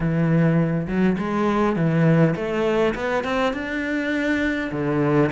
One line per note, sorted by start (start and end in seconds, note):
0.00 0.87 E3
0.87 1.17 F#3
1.18 1.76 G#3
1.76 2.34 E3
2.35 2.94 A3
2.94 3.24 B3
3.24 3.53 C4
3.53 4.70 D4
4.71 5.30 D3